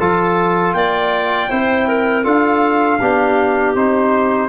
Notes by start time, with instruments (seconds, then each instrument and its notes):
0.00 tuba F3, trombone F4, clarinet A4, trumpet A5
0.74 tuba A#3, clarinet D5, trumpet G5
1.50 tuba C4, trombone E4, clarinet C5
1.88 clarinet A#4
2.25 tuba D4, trombone F4, clarinet A4, trumpet F5
3.01 tuba B3, trombone D4, clarinet G4
3.76 tuba C4, trombone D#4, trumpet C5